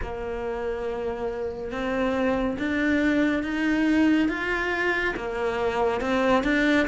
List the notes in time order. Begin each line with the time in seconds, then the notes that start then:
0.02 A#3
1.71 C4
2.58 D4
3.43 D#4
4.28 F4
5.16 A#3
6.00 C4
6.43 D4